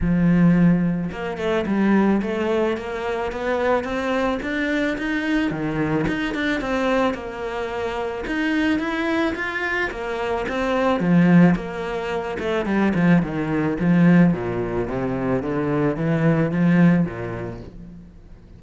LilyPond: \new Staff \with { instrumentName = "cello" } { \time 4/4 \tempo 4 = 109 f2 ais8 a8 g4 | a4 ais4 b4 c'4 | d'4 dis'4 dis4 dis'8 d'8 | c'4 ais2 dis'4 |
e'4 f'4 ais4 c'4 | f4 ais4. a8 g8 f8 | dis4 f4 ais,4 c4 | d4 e4 f4 ais,4 | }